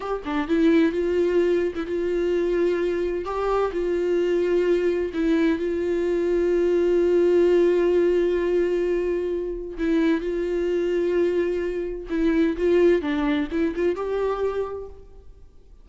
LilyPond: \new Staff \with { instrumentName = "viola" } { \time 4/4 \tempo 4 = 129 g'8 d'8 e'4 f'4.~ f'16 e'16 | f'2. g'4 | f'2. e'4 | f'1~ |
f'1~ | f'4 e'4 f'2~ | f'2 e'4 f'4 | d'4 e'8 f'8 g'2 | }